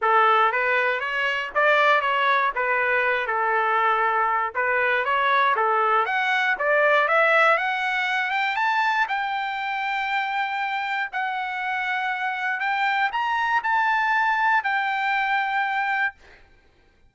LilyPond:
\new Staff \with { instrumentName = "trumpet" } { \time 4/4 \tempo 4 = 119 a'4 b'4 cis''4 d''4 | cis''4 b'4. a'4.~ | a'4 b'4 cis''4 a'4 | fis''4 d''4 e''4 fis''4~ |
fis''8 g''8 a''4 g''2~ | g''2 fis''2~ | fis''4 g''4 ais''4 a''4~ | a''4 g''2. | }